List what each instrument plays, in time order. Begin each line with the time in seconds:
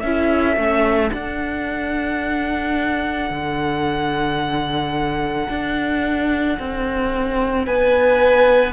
0.00 cello C#4, viola E4, violin A4 E5
0.56 cello A3, viola C#4
1.11 viola D4, cello D4, violin F#5
3.30 cello D3
5.49 cello D4
6.59 cello C4
7.65 cello B3, violin B4 G#5